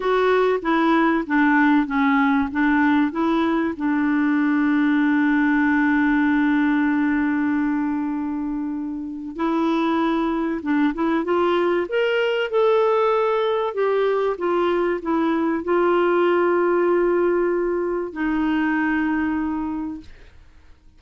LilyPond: \new Staff \with { instrumentName = "clarinet" } { \time 4/4 \tempo 4 = 96 fis'4 e'4 d'4 cis'4 | d'4 e'4 d'2~ | d'1~ | d'2. e'4~ |
e'4 d'8 e'8 f'4 ais'4 | a'2 g'4 f'4 | e'4 f'2.~ | f'4 dis'2. | }